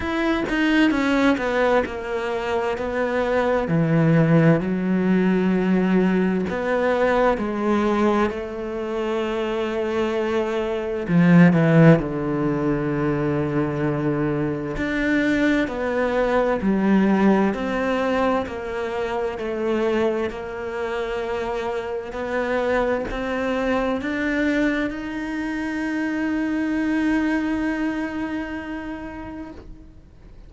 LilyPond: \new Staff \with { instrumentName = "cello" } { \time 4/4 \tempo 4 = 65 e'8 dis'8 cis'8 b8 ais4 b4 | e4 fis2 b4 | gis4 a2. | f8 e8 d2. |
d'4 b4 g4 c'4 | ais4 a4 ais2 | b4 c'4 d'4 dis'4~ | dis'1 | }